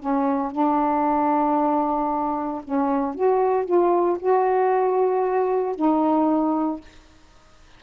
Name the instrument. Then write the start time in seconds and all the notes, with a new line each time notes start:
saxophone
0.00 C#4
0.52 D4
2.65 C#4
3.15 F#4
3.66 F4
4.20 F#4
5.76 D#4